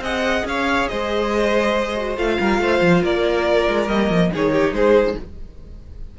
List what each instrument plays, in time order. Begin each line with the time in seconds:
0.00 cello C4, viola G#4, violin D#5 F#5
0.45 cello C#4, violin C#5 F5
0.88 cello G#3, violin C5 D#5
1.97 viola F#4
2.17 cello A3, viola F4, violin F5
2.40 cello G3, violin A#4
2.59 cello A3, violin C5
2.81 cello F3
3.03 cello A#3, violin A#4 D5
3.68 cello G#3
3.88 cello G3, viola A#3, violin D#5
4.10 cello F3
4.32 cello D#3, viola D#4, violin G#4 C#5
4.53 violin G4
4.72 cello G#3, violin G#4 C5